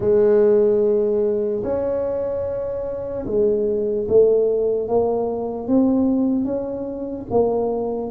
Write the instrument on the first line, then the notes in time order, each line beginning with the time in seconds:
tuba
0.00 G#3
1.63 C#4
3.26 G#3
4.08 A3
4.88 A#3
5.67 C4
6.45 C#4
7.30 A#3